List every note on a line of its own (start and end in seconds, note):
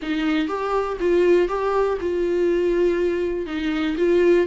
0.01 0.48 D#4
0.48 0.97 G4
0.99 1.48 F4
1.48 1.98 G4
2.01 3.46 F4
3.46 3.96 D#4
3.97 4.47 F4